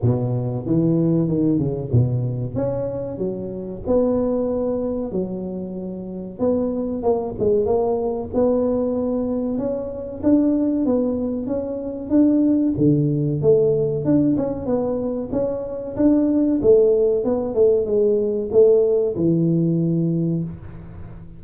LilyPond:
\new Staff \with { instrumentName = "tuba" } { \time 4/4 \tempo 4 = 94 b,4 e4 dis8 cis8 b,4 | cis'4 fis4 b2 | fis2 b4 ais8 gis8 | ais4 b2 cis'4 |
d'4 b4 cis'4 d'4 | d4 a4 d'8 cis'8 b4 | cis'4 d'4 a4 b8 a8 | gis4 a4 e2 | }